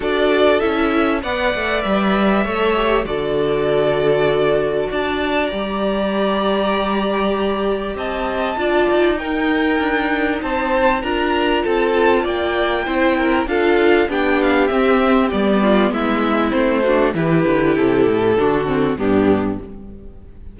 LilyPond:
<<
  \new Staff \with { instrumentName = "violin" } { \time 4/4 \tempo 4 = 98 d''4 e''4 fis''4 e''4~ | e''4 d''2. | a''4 ais''2.~ | ais''4 a''2 g''4~ |
g''4 a''4 ais''4 a''4 | g''2 f''4 g''8 f''8 | e''4 d''4 e''4 c''4 | b'4 a'2 g'4 | }
  \new Staff \with { instrumentName = "violin" } { \time 4/4 a'2 d''2 | cis''4 a'2. | d''1~ | d''4 dis''4 d''4 ais'4~ |
ais'4 c''4 ais'4 a'4 | d''4 c''8 ais'8 a'4 g'4~ | g'4. f'8 e'4. fis'8 | g'2 fis'4 d'4 | }
  \new Staff \with { instrumentName = "viola" } { \time 4/4 fis'4 e'4 b'2 | a'8 g'8 fis'2.~ | fis'4 g'2.~ | g'2 f'4 dis'4~ |
dis'2 f'2~ | f'4 e'4 f'4 d'4 | c'4 b2 c'8 d'8 | e'2 d'8 c'8 b4 | }
  \new Staff \with { instrumentName = "cello" } { \time 4/4 d'4 cis'4 b8 a8 g4 | a4 d2. | d'4 g2.~ | g4 c'4 d'8 dis'4. |
d'4 c'4 d'4 c'4 | ais4 c'4 d'4 b4 | c'4 g4 gis4 a4 | e8 d8 c8 a,8 d4 g,4 | }
>>